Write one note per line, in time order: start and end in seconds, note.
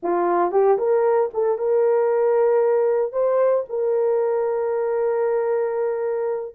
0.03 0.51 F4
0.51 0.77 G4
0.78 1.30 A#4
1.33 1.57 A4
1.57 3.12 A#4
3.12 3.64 C5
3.69 6.55 A#4